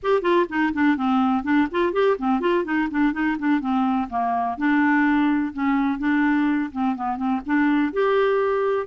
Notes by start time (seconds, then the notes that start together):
0.02 G4
0.22 F4
0.49 D#4
0.73 D4
0.96 C4
1.43 D4
1.71 F4
1.92 G4
2.18 C4
2.40 F4
2.64 D#4
2.90 D4
3.12 D#4
3.38 D4
3.60 C4
4.09 A#3
4.57 D4
5.53 C#4
5.98 D4
6.72 C4
6.95 B3
7.17 C4
7.46 D4
7.92 G4